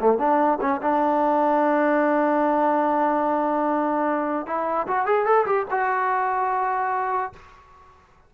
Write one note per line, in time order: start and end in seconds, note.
0.00 0.18 A3
0.18 0.59 D4
0.60 0.81 C#4
0.82 4.46 D4
4.46 4.86 E4
4.87 5.06 F#4
5.06 5.25 G#4
5.25 5.45 A4
5.45 5.66 G4
5.70 7.32 F#4